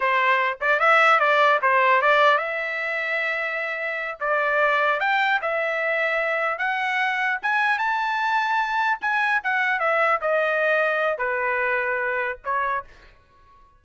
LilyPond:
\new Staff \with { instrumentName = "trumpet" } { \time 4/4 \tempo 4 = 150 c''4. d''8 e''4 d''4 | c''4 d''4 e''2~ | e''2~ e''8 d''4.~ | d''8 g''4 e''2~ e''8~ |
e''8 fis''2 gis''4 a''8~ | a''2~ a''8 gis''4 fis''8~ | fis''8 e''4 dis''2~ dis''8 | b'2. cis''4 | }